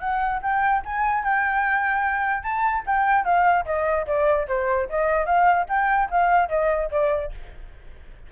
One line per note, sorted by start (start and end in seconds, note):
0.00 0.41 F#5
0.42 0.83 G5
0.85 1.24 G#5
1.24 2.43 G5
2.43 2.84 A5
2.87 3.25 G5
3.25 3.65 F5
3.66 4.06 D#5
4.07 4.47 D5
4.48 4.89 C5
4.90 5.26 D#5
5.26 5.66 F5
5.69 6.09 G5
6.11 6.49 F5
6.49 6.90 D#5
6.91 7.32 D5